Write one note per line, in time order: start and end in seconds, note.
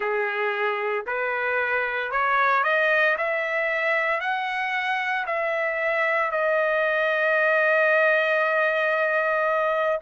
0.00 1.05 G#4
1.06 2.11 B4
2.11 2.63 C#5
2.63 3.16 D#5
3.17 4.20 E5
4.20 5.25 F#5
5.26 6.31 E5
6.31 10.00 D#5